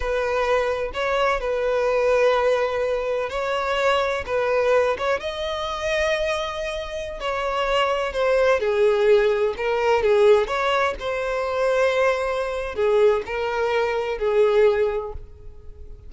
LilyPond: \new Staff \with { instrumentName = "violin" } { \time 4/4 \tempo 4 = 127 b'2 cis''4 b'4~ | b'2. cis''4~ | cis''4 b'4. cis''8 dis''4~ | dis''2.~ dis''16 cis''8.~ |
cis''4~ cis''16 c''4 gis'4.~ gis'16~ | gis'16 ais'4 gis'4 cis''4 c''8.~ | c''2. gis'4 | ais'2 gis'2 | }